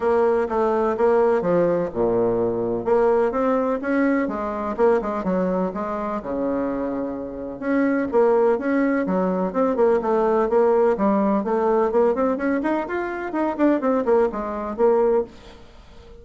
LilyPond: \new Staff \with { instrumentName = "bassoon" } { \time 4/4 \tempo 4 = 126 ais4 a4 ais4 f4 | ais,2 ais4 c'4 | cis'4 gis4 ais8 gis8 fis4 | gis4 cis2. |
cis'4 ais4 cis'4 fis4 | c'8 ais8 a4 ais4 g4 | a4 ais8 c'8 cis'8 dis'8 f'4 | dis'8 d'8 c'8 ais8 gis4 ais4 | }